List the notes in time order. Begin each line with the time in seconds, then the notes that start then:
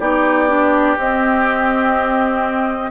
0.00 B3 D#4 G4 D5
0.48 D4
0.98 C4 D#5